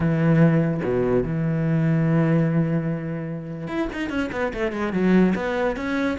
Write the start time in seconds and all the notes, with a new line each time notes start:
0.00 E3
0.83 B2
1.23 E3
3.67 E4
3.92 D#4
4.09 C#4
4.32 B3
4.53 A3
4.72 G#3
4.93 F#3
5.35 B3
5.76 C#4